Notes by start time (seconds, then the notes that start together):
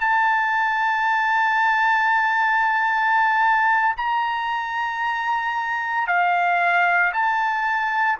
0.00 A5
3.97 A#5
6.07 F5
7.13 A5